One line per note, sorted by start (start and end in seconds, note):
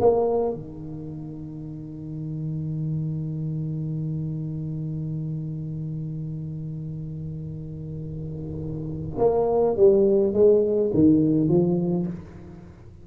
0.00 0.53 A#3
0.53 9.18 D#3
9.18 9.76 A#3
9.76 10.33 G3
10.33 10.91 G#3
10.93 11.48 D#3
11.48 12.06 F3